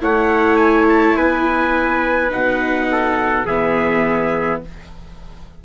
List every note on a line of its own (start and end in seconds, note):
0.00 1.16 A3
0.00 2.29 E4
0.00 1.16 C#5
0.00 0.56 F#5
0.56 0.85 G#5
0.89 1.17 A5
1.16 2.31 B3
1.16 2.89 B4
1.16 2.32 G#5
2.29 3.45 B2
2.29 3.44 D#4
2.29 3.47 F#5
2.92 3.46 A4
3.45 4.61 E3
3.45 4.64 B3
3.45 4.61 G#4
3.45 4.62 E5